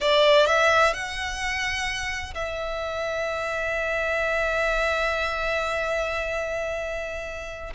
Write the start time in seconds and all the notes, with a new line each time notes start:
0.00 D5
0.46 E5
0.93 F#5
2.34 E5